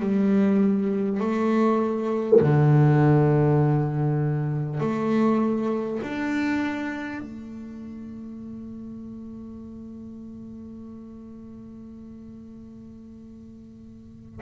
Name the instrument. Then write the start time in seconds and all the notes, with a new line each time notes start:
double bass
0.00 G3
1.20 A3
2.41 D3
4.81 A3
6.03 D4
7.20 A3